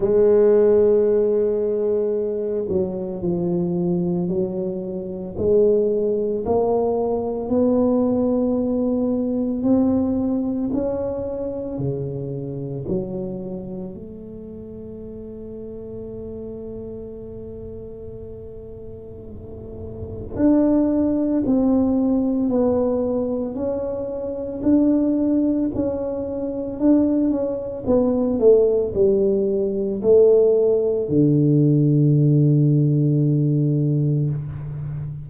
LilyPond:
\new Staff \with { instrumentName = "tuba" } { \time 4/4 \tempo 4 = 56 gis2~ gis8 fis8 f4 | fis4 gis4 ais4 b4~ | b4 c'4 cis'4 cis4 | fis4 a2.~ |
a2. d'4 | c'4 b4 cis'4 d'4 | cis'4 d'8 cis'8 b8 a8 g4 | a4 d2. | }